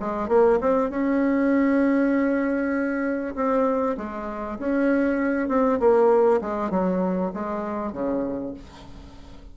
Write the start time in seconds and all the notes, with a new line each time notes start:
0.00 G#3
0.29 A#3
0.61 C4
0.90 C#4
3.36 C4
3.97 G#3
4.59 C#4
5.49 C4
5.80 A#3
6.41 G#3
6.71 F#3
7.34 G#3
7.93 C#3